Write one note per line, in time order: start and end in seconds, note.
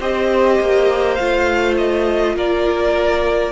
0.00 0.59 C4
0.00 1.18 G4
0.00 2.35 C5
0.00 1.15 D#5
0.60 1.19 A#3
1.15 2.36 A3
1.15 3.52 F4
1.15 1.74 F5
1.77 2.36 D#5
2.36 3.52 A#3
2.36 3.52 A#4
2.36 3.52 D5